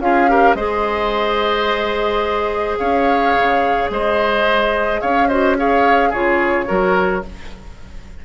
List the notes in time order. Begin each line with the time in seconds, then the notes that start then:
0.00 C#4 F4 G#4 F5
0.29 G4 A#4
0.55 G#3 G#4 C5 D#5
2.79 C#4 C#5 F5
3.36 C#3
3.90 G#3 C5 D#5
5.01 C#4 C#5 F5
5.28 F#4 C5 D#5
5.58 G#4 C#5 F5
6.10 C#3 F4 G#4 C#5
6.67 F#3 F#4 A#4